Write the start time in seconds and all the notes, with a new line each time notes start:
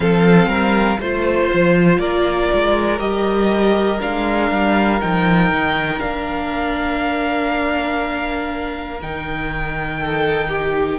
0.00 F3 C4 A4 F5
0.46 G3 A#4
0.99 A3 F4 C5
1.53 F3
1.99 A#3 A#4 D5
2.53 G#3
2.99 G3 G4 D#5
3.99 G#3 D4 F5
4.50 G3
5.00 F3 D#4 G5
5.51 D#3
5.99 A#3 D4 F5
9.01 D#3 D#4 G5
9.99 A4
10.48 G4